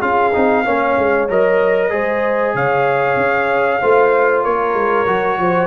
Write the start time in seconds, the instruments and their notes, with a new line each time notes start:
0.00 tuba C#4, trombone F4, horn G#4, trumpet F5
0.33 tuba C4, trombone D#4
0.64 tuba A#3, trombone C#4, horn C#5
0.98 tuba G#3
1.28 tuba F#3, trombone A#4, trumpet D#5
1.90 tuba G#3, trombone G#4, horn C5
2.54 tuba C#3, horn C#5, trumpet F5
3.16 tuba C#4
3.81 tuba A3, trombone F4, horn C5
4.43 tuba A#3, horn A#4, trumpet C#5
4.74 tuba G#3
5.06 tuba F#3, trombone F#4
5.38 tuba F3, horn C5